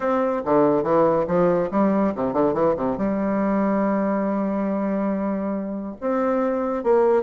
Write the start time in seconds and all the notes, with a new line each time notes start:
0.00 C4
0.45 D3
0.83 E3
1.27 F3
1.71 G3
2.15 C3
2.33 D3
2.53 E3
2.76 C3
2.97 G3
6.00 C4
6.83 A#3